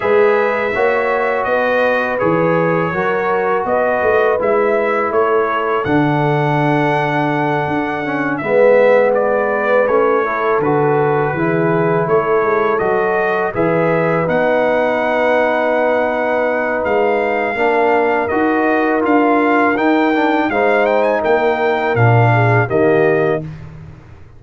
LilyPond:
<<
  \new Staff \with { instrumentName = "trumpet" } { \time 4/4 \tempo 4 = 82 e''2 dis''4 cis''4~ | cis''4 dis''4 e''4 cis''4 | fis''2.~ fis''8 e''8~ | e''8 d''4 cis''4 b'4.~ |
b'8 cis''4 dis''4 e''4 fis''8~ | fis''2. f''4~ | f''4 dis''4 f''4 g''4 | f''8 g''16 gis''16 g''4 f''4 dis''4 | }
  \new Staff \with { instrumentName = "horn" } { \time 4/4 b'4 cis''4 b'2 | ais'4 b'2 a'4~ | a'2.~ a'8 b'8~ | b'2 a'4. gis'8~ |
gis'8 a'2 b'4.~ | b'1 | ais'1 | c''4 ais'4. gis'8 g'4 | }
  \new Staff \with { instrumentName = "trombone" } { \time 4/4 gis'4 fis'2 gis'4 | fis'2 e'2 | d'2. cis'8 b8~ | b4. cis'8 e'8 fis'4 e'8~ |
e'4. fis'4 gis'4 dis'8~ | dis'1 | d'4 fis'4 f'4 dis'8 d'8 | dis'2 d'4 ais4 | }
  \new Staff \with { instrumentName = "tuba" } { \time 4/4 gis4 ais4 b4 e4 | fis4 b8 a8 gis4 a4 | d2~ d8 d'4 gis8~ | gis4. a4 d4 e8~ |
e8 a8 gis8 fis4 e4 b8~ | b2. gis4 | ais4 dis'4 d'4 dis'4 | gis4 ais4 ais,4 dis4 | }
>>